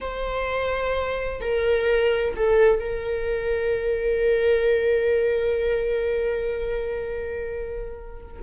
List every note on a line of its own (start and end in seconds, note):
0.01 1.41 C5
1.41 2.34 A#4
2.36 2.79 A4
2.79 8.41 A#4